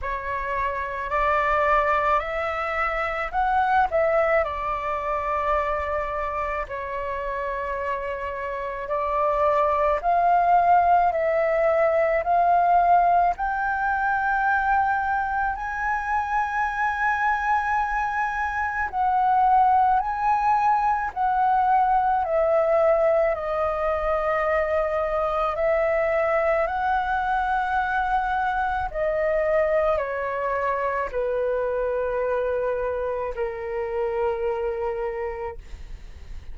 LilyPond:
\new Staff \with { instrumentName = "flute" } { \time 4/4 \tempo 4 = 54 cis''4 d''4 e''4 fis''8 e''8 | d''2 cis''2 | d''4 f''4 e''4 f''4 | g''2 gis''2~ |
gis''4 fis''4 gis''4 fis''4 | e''4 dis''2 e''4 | fis''2 dis''4 cis''4 | b'2 ais'2 | }